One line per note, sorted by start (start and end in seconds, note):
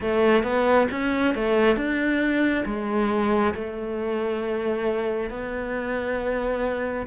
0.00 0.43 A3
0.43 0.87 B3
0.91 1.35 C#4
1.35 1.76 A3
1.76 2.64 D4
2.65 3.53 G#3
3.54 5.29 A3
5.29 7.06 B3